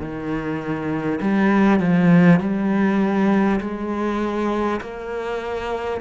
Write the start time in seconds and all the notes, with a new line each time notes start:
0.00 D#3
1.22 G3
1.80 F3
2.41 G3
3.61 G#3
4.81 A#3